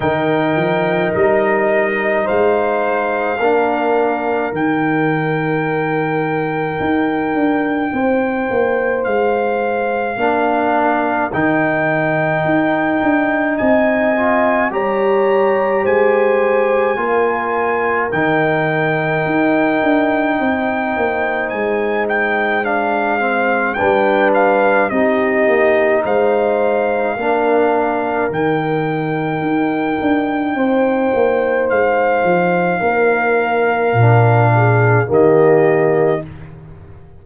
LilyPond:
<<
  \new Staff \with { instrumentName = "trumpet" } { \time 4/4 \tempo 4 = 53 g''4 dis''4 f''2 | g''1 | f''2 g''2 | gis''4 ais''4 gis''2 |
g''2. gis''8 g''8 | f''4 g''8 f''8 dis''4 f''4~ | f''4 g''2. | f''2. dis''4 | }
  \new Staff \with { instrumentName = "horn" } { \time 4/4 ais'2 c''4 ais'4~ | ais'2. c''4~ | c''4 ais'2. | dis''4 cis''4 c''4 ais'4~ |
ais'2 c''2~ | c''4 b'4 g'4 c''4 | ais'2. c''4~ | c''4 ais'4. gis'8 g'4 | }
  \new Staff \with { instrumentName = "trombone" } { \time 4/4 dis'2. d'4 | dis'1~ | dis'4 d'4 dis'2~ | dis'8 f'8 g'2 f'4 |
dis'1 | d'8 c'8 d'4 dis'2 | d'4 dis'2.~ | dis'2 d'4 ais4 | }
  \new Staff \with { instrumentName = "tuba" } { \time 4/4 dis8 f8 g4 gis4 ais4 | dis2 dis'8 d'8 c'8 ais8 | gis4 ais4 dis4 dis'8 d'8 | c'4 g4 gis4 ais4 |
dis4 dis'8 d'8 c'8 ais8 gis4~ | gis4 g4 c'8 ais8 gis4 | ais4 dis4 dis'8 d'8 c'8 ais8 | gis8 f8 ais4 ais,4 dis4 | }
>>